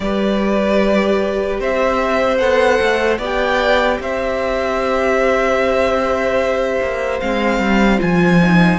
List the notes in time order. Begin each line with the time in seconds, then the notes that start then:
0.00 G3 G4 B4 D5
1.60 C4 C5 E5
2.37 B3 A4 F#5
2.81 A3
3.18 B3 G4 D5 G5
3.99 C4 C5 E5
6.81 A#3
7.20 G#3 C4 F5
7.59 G3
7.98 F3 F4 G#5
8.42 D#4